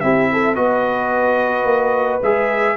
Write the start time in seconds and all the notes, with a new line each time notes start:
0.00 C4 E4 G4 E5
0.32 A4
0.55 B3 F#4 B4 D#5
1.64 A#3
2.22 G#3 G#4 E5